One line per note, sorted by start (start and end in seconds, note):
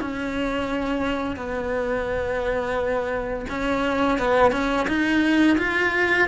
0.00 1.36 C#4
1.36 3.45 B3
3.49 4.18 C#4
4.18 4.52 B3
4.52 4.86 C#4
4.87 5.57 D#4
5.58 6.28 F4